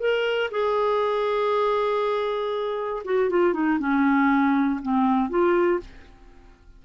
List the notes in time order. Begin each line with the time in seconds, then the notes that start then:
0.00 A#4
0.51 G#4
3.05 F#4
3.30 F4
3.53 D#4
3.79 C#4
4.82 C4
5.29 F4